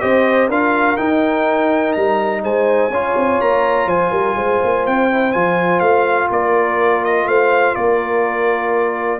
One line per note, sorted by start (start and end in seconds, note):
0.00 0.49 C4
0.00 0.49 G4
0.00 0.49 C5
0.00 0.48 D#5
0.49 0.97 D4
0.49 0.97 F4
0.49 2.43 A#4
0.49 0.97 F5
0.97 2.91 D#4
0.97 1.96 D#4
0.97 1.93 G5
1.93 2.44 G3
1.93 2.41 A#5
2.43 2.90 G#3
2.43 2.91 C5
2.43 3.41 G#5
2.90 3.14 C#4
2.90 5.11 F4
2.90 3.88 C#5
3.17 3.41 C4
3.41 3.86 A#3
3.41 3.89 A#5
3.86 4.11 F3
3.86 4.11 C5
3.86 4.86 G#5
4.11 4.36 G3
4.11 4.35 A#4
4.36 4.60 G#3
4.36 6.29 C5
4.64 4.87 A#3
4.86 5.35 C4
4.86 5.32 G5
5.11 5.34 E4
5.32 5.81 F3
5.32 9.20 F4
5.32 5.80 G#5
5.80 6.29 A3
5.80 6.28 F5
6.31 7.27 A#3
6.31 7.27 A#4
6.31 7.05 D5
7.05 7.28 D#5
7.27 7.75 A3
7.27 7.74 C5
7.27 7.75 F5
7.74 9.20 A#3
7.74 9.20 A#4
7.74 9.20 D5